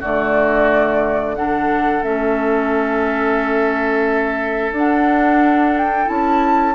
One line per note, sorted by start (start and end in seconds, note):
0.00 2.02 D3
0.00 1.36 A3
0.00 1.35 F#4
0.00 1.35 D5
1.35 2.03 D4
1.35 6.75 A4
1.35 2.03 F#5
2.02 4.71 A3
2.02 4.73 C#4
2.02 4.73 E5
4.71 6.06 D4
4.71 6.05 D4
4.71 5.78 F#5
5.78 6.08 G5
6.05 6.75 C#4
6.05 6.73 E4
6.05 6.75 A5